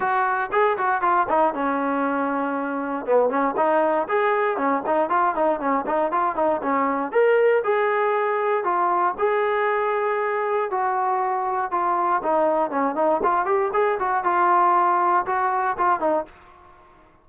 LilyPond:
\new Staff \with { instrumentName = "trombone" } { \time 4/4 \tempo 4 = 118 fis'4 gis'8 fis'8 f'8 dis'8 cis'4~ | cis'2 b8 cis'8 dis'4 | gis'4 cis'8 dis'8 f'8 dis'8 cis'8 dis'8 | f'8 dis'8 cis'4 ais'4 gis'4~ |
gis'4 f'4 gis'2~ | gis'4 fis'2 f'4 | dis'4 cis'8 dis'8 f'8 g'8 gis'8 fis'8 | f'2 fis'4 f'8 dis'8 | }